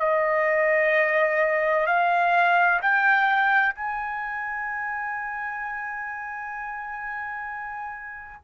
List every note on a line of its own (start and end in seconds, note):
0.00 1.87 D#5
1.87 2.81 F5
2.82 3.75 G5
3.75 8.44 G#5